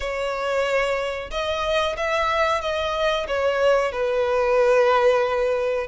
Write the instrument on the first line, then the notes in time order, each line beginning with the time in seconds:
violin
0.00 C#5
1.30 D#5
1.97 E5
2.61 D#5
3.27 C#5
3.91 B4